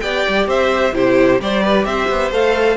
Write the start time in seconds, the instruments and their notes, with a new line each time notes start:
0.00 cello B3, viola G4, violin D5 G5
0.28 cello G3
0.46 cello C4, violin C5 E5
0.92 cello C3, viola E4, violin G4 C5
1.40 cello G3, viola G4, violin C5 D5
1.63 violin B4
1.85 cello C4, violin C5 E5
2.09 cello B3
2.31 cello A3, viola A4, violin F5